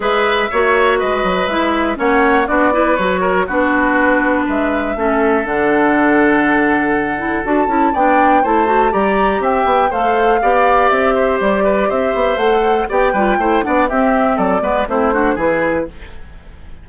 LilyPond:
<<
  \new Staff \with { instrumentName = "flute" } { \time 4/4 \tempo 4 = 121 e''2 dis''4 e''4 | fis''4 d''4 cis''4 b'4~ | b'4 e''2 fis''4~ | fis''2. a''4 |
g''4 a''4 ais''4 g''4 | f''2 e''4 d''4 | e''4 fis''4 g''4. fis''8 | e''4 d''4 c''4 b'4 | }
  \new Staff \with { instrumentName = "oboe" } { \time 4/4 b'4 cis''4 b'2 | cis''4 fis'8 b'4 ais'8 fis'4~ | fis'4 b'4 a'2~ | a'1 |
d''4 c''4 d''4 e''4 | c''4 d''4. c''4 b'8 | c''2 d''8 b'8 c''8 d''8 | g'4 a'8 b'8 e'8 fis'8 gis'4 | }
  \new Staff \with { instrumentName = "clarinet" } { \time 4/4 gis'4 fis'2 e'4 | cis'4 d'8 e'8 fis'4 d'4~ | d'2 cis'4 d'4~ | d'2~ d'8 e'8 fis'8 e'8 |
d'4 e'8 fis'8 g'2 | a'4 g'2.~ | g'4 a'4 g'8 f'8 e'8 d'8 | c'4. b8 c'8 d'8 e'4 | }
  \new Staff \with { instrumentName = "bassoon" } { \time 4/4 gis4 ais4 gis8 fis8 gis4 | ais4 b4 fis4 b4~ | b4 gis4 a4 d4~ | d2. d'8 cis'8 |
b4 a4 g4 c'8 b8 | a4 b4 c'4 g4 | c'8 b8 a4 b8 g8 a8 b8 | c'4 fis8 gis8 a4 e4 | }
>>